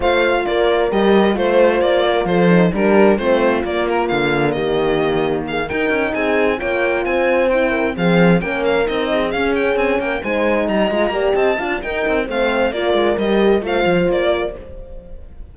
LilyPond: <<
  \new Staff \with { instrumentName = "violin" } { \time 4/4 \tempo 4 = 132 f''4 d''4 dis''4 c''4 | d''4 c''4 ais'4 c''4 | d''8 ais'8 f''4 dis''2 | f''8 g''4 gis''4 g''4 gis''8~ |
gis''8 g''4 f''4 g''8 f''8 dis''8~ | dis''8 f''8 g''8 gis''8 g''8 gis''4 ais''8~ | ais''4 a''4 g''4 f''4 | d''4 dis''4 f''4 d''4 | }
  \new Staff \with { instrumentName = "horn" } { \time 4/4 c''4 ais'2 c''4~ | c''8 ais'8 a'4 g'4 f'4~ | f'2 g'2 | gis'8 ais'4 gis'4 cis''4 c''8~ |
c''4 ais'8 gis'4 ais'4. | gis'2 ais'8 c''4 dis''8~ | dis''8 d''8 dis''8 f''8 ais'4 c''4 | ais'2 c''4. ais'8 | }
  \new Staff \with { instrumentName = "horn" } { \time 4/4 f'2 g'4 f'4~ | f'4. dis'8 d'4 c'4 | ais1~ | ais8 dis'2 f'4.~ |
f'8 e'4 c'4 cis'4 dis'8~ | dis'8 cis'2 dis'4. | f'8 g'4 f'8 dis'4 c'4 | f'4 g'4 f'2 | }
  \new Staff \with { instrumentName = "cello" } { \time 4/4 a4 ais4 g4 a4 | ais4 f4 g4 a4 | ais4 d4 dis2~ | dis8 dis'8 cis'8 c'4 ais4 c'8~ |
c'4. f4 ais4 c'8~ | c'8 cis'4 c'8 ais8 gis4 g8 | gis8 ais8 c'8 d'8 dis'8 c'8 a4 | ais8 gis8 g4 a8 f8 ais4 | }
>>